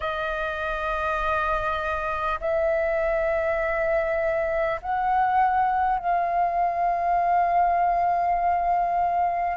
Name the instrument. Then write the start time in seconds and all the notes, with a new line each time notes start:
flute
0.00 D#5
2.40 E5
4.82 F#5
5.98 F5